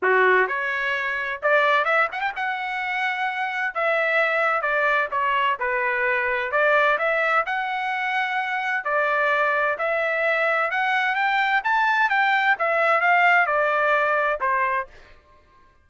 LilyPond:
\new Staff \with { instrumentName = "trumpet" } { \time 4/4 \tempo 4 = 129 fis'4 cis''2 d''4 | e''8 fis''16 g''16 fis''2. | e''2 d''4 cis''4 | b'2 d''4 e''4 |
fis''2. d''4~ | d''4 e''2 fis''4 | g''4 a''4 g''4 e''4 | f''4 d''2 c''4 | }